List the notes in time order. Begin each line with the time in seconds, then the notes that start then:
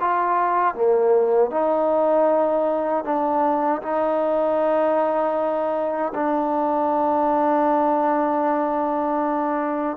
0.00 F4
0.74 A#3
1.50 D#4
3.04 D4
3.81 D#4
6.14 D4